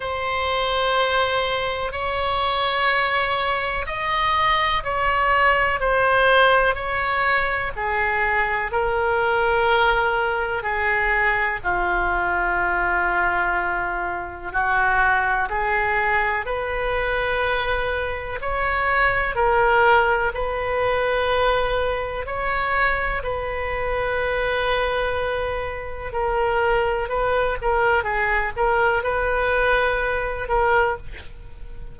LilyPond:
\new Staff \with { instrumentName = "oboe" } { \time 4/4 \tempo 4 = 62 c''2 cis''2 | dis''4 cis''4 c''4 cis''4 | gis'4 ais'2 gis'4 | f'2. fis'4 |
gis'4 b'2 cis''4 | ais'4 b'2 cis''4 | b'2. ais'4 | b'8 ais'8 gis'8 ais'8 b'4. ais'8 | }